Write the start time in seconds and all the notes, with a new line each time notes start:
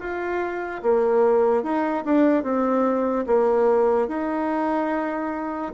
0.00 F4
0.83 A#3
1.63 D#4
2.05 D4
2.44 C4
3.27 A#3
4.08 D#4